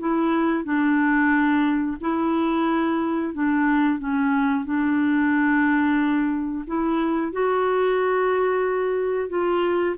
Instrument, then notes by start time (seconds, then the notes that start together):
clarinet
0.00 E4
0.65 D4
2.01 E4
3.34 D4
3.99 C#4
4.65 D4
6.67 E4
7.32 F#4
9.29 F4